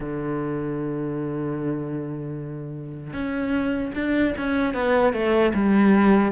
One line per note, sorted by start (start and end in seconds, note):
0.00 3.13 D3
3.13 3.92 C#4
3.95 4.34 D4
4.37 4.74 C#4
4.74 5.13 B3
5.13 5.52 A3
5.54 6.32 G3